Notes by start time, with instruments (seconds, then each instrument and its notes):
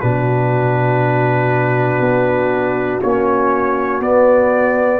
0.00 tuba B2, trombone D4, horn F#4, trumpet B4
2.00 tuba B3
3.02 tuba A#3, trombone C#4, trumpet C#5
4.00 tuba B3, trombone B3, trumpet D5